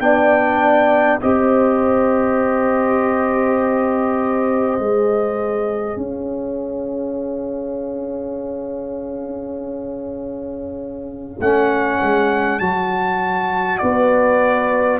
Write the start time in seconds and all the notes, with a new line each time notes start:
0.00 B3 D4 D5 G5
1.21 C4 G4 C5 D#5
4.79 G#3 G#4
5.96 C#4 C#5 F5
11.39 A3 C#4 F#5
12.02 G#3
12.59 F#3 F#4 A5
13.78 B3 B4 D5